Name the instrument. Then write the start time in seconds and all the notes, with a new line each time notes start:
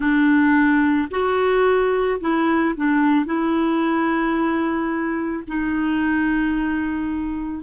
clarinet
0.00 D4
1.10 F#4
2.20 E4
2.76 D4
3.25 E4
5.47 D#4